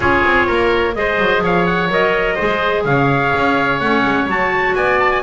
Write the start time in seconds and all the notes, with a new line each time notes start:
0.00 C#4 F4 G#4 C#5
0.24 C4
0.46 A#3 A#4
0.95 G#3 G#4 C5 D#5
1.19 F#3
1.41 F3 C#5 F5
1.66 F#5
1.89 F#3 A#4 D#5
2.34 G#4 C5
2.41 G#3
2.84 C#3 C#5 F5
3.36 C#4
3.79 A3 C#4 F#5
4.05 G#3
4.26 F#3 F#4 A5
4.75 B3 D5 G#5
4.99 A5
5.11 G#5